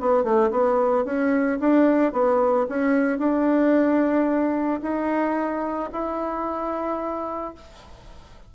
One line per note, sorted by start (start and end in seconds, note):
0.00 0.23 B3
0.23 0.50 A3
0.51 1.05 B3
1.05 1.59 C#4
1.60 2.12 D4
2.12 2.66 B3
2.69 3.18 C#4
3.18 4.80 D4
4.82 5.90 D#4
5.92 7.54 E4